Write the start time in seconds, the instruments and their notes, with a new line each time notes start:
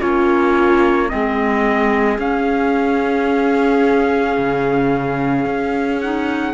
0.00 cello A#3, clarinet C#4, viola F4, trumpet C#5
1.09 cello G#3, clarinet C4, viola G#4, trumpet D#5
2.19 cello C#4, clarinet C#4, trumpet F5
4.37 cello C#3
5.45 cello C#4
6.01 clarinet D#4, trumpet F#5